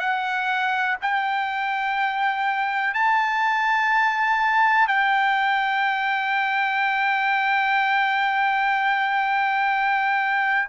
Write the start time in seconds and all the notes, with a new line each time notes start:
0.00 F#5
1.02 G5
2.94 A5
4.88 G5